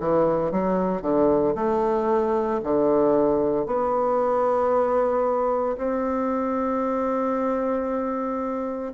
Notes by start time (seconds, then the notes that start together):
0.00 E3
0.52 F#3
1.02 D3
1.56 A3
2.64 D3
3.67 B3
5.78 C4